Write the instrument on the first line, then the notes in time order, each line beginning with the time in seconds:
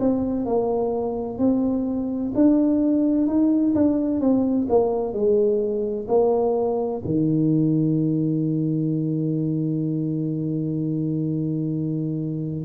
tuba
0.00 C4
0.46 A#3
1.38 C4
2.35 D4
3.27 D#4
3.75 D4
4.21 C4
4.69 A#3
5.13 G#3
6.08 A#3
7.05 D#3